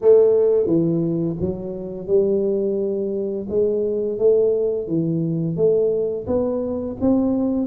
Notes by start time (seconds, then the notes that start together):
0.01 A3
0.66 E3
1.40 F#3
2.07 G3
3.49 G#3
4.18 A3
4.87 E3
5.56 A3
6.26 B3
7.01 C4